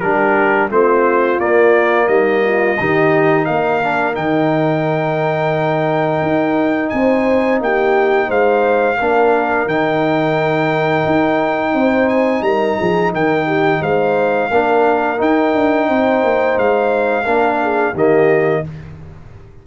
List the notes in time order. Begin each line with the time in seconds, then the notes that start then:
0.00 G3 D4 G4 A#4
0.70 A3 C4 F4 C5
1.40 A#3 D5
2.08 G3 D#4 D#5
2.45 F4
2.79 D#3 D#4 G4
3.45 A#3 A#4 F5
3.83 D4
4.13 D#3 D#4 G5
6.22 D#4
6.90 C4 C5 G#5
7.61 A#3 G4 G5
8.28 G#3 C5 F5
8.98 A#3 D4 A#4
9.66 D#3 D#4 G5
11.06 D#4
11.74 C4 C5
12.09 G#5
12.42 G3 A#4 A#5
12.78 F3 G#4
13.13 D#3 A#4 G5
13.46 G4
13.81 G#3 C5 F5
14.50 A#3 D4 A#4
15.17 D#4 G5
15.55 D4
15.88 C4 C5
16.24 A#3
16.58 G#3 F5
17.25 A#3 D4 A#4
17.62 G#4
17.93 D#3 A#3 G4 D#5